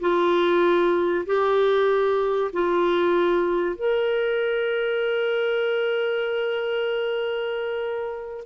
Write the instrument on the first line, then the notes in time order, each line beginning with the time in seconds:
clarinet
0.00 F4
1.26 G4
2.52 F4
3.75 A#4